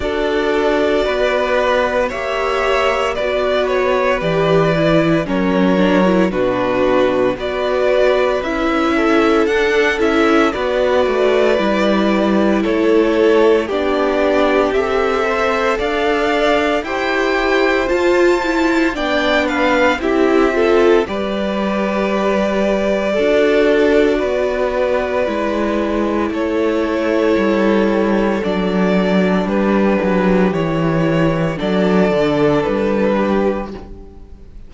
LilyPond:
<<
  \new Staff \with { instrumentName = "violin" } { \time 4/4 \tempo 4 = 57 d''2 e''4 d''8 cis''8 | d''4 cis''4 b'4 d''4 | e''4 fis''8 e''8 d''2 | cis''4 d''4 e''4 f''4 |
g''4 a''4 g''8 f''8 e''4 | d''1~ | d''4 cis''2 d''4 | b'4 cis''4 d''4 b'4 | }
  \new Staff \with { instrumentName = "violin" } { \time 4/4 a'4 b'4 cis''4 b'4~ | b'4 ais'4 fis'4 b'4~ | b'8 a'4. b'2 | a'4 g'4. c''8 d''4 |
c''2 d''8 b'8 g'8 a'8 | b'2 a'4 b'4~ | b'4 a'2. | g'2 a'4. g'8 | }
  \new Staff \with { instrumentName = "viola" } { \time 4/4 fis'2 g'4 fis'4 | g'8 e'8 cis'8 d'16 e'16 d'4 fis'4 | e'4 d'8 e'8 fis'4 e'4~ | e'4 d'4 a'2 |
g'4 f'8 e'8 d'4 e'8 f'8 | g'2 fis'2 | e'2. d'4~ | d'4 e'4 d'2 | }
  \new Staff \with { instrumentName = "cello" } { \time 4/4 d'4 b4 ais4 b4 | e4 fis4 b,4 b4 | cis'4 d'8 cis'8 b8 a8 g4 | a4 b4 c'4 d'4 |
e'4 f'4 b4 c'4 | g2 d'4 b4 | gis4 a4 g4 fis4 | g8 fis8 e4 fis8 d8 g4 | }
>>